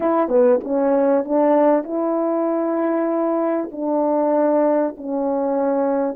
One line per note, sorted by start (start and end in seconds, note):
0.00 0.28 E4
0.28 0.59 B3
0.63 1.24 C#4
1.24 1.84 D4
1.84 3.69 E4
3.71 4.95 D4
4.97 6.16 C#4